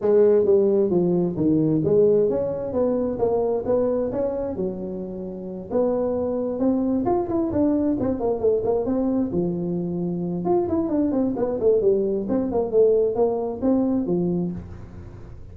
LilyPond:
\new Staff \with { instrumentName = "tuba" } { \time 4/4 \tempo 4 = 132 gis4 g4 f4 dis4 | gis4 cis'4 b4 ais4 | b4 cis'4 fis2~ | fis8 b2 c'4 f'8 |
e'8 d'4 c'8 ais8 a8 ais8 c'8~ | c'8 f2~ f8 f'8 e'8 | d'8 c'8 b8 a8 g4 c'8 ais8 | a4 ais4 c'4 f4 | }